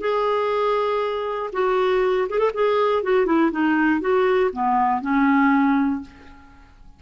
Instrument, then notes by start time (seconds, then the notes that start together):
clarinet
0.00 G#4
1.52 F#4
2.29 G#4
2.38 A4
2.54 G#4
3.03 F#4
3.26 E4
3.51 D#4
4.00 F#4
4.52 B3
5.01 C#4